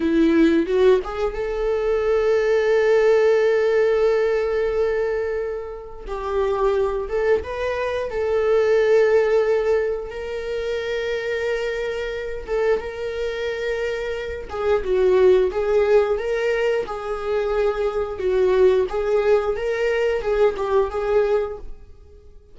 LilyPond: \new Staff \with { instrumentName = "viola" } { \time 4/4 \tempo 4 = 89 e'4 fis'8 gis'8 a'2~ | a'1~ | a'4 g'4. a'8 b'4 | a'2. ais'4~ |
ais'2~ ais'8 a'8 ais'4~ | ais'4. gis'8 fis'4 gis'4 | ais'4 gis'2 fis'4 | gis'4 ais'4 gis'8 g'8 gis'4 | }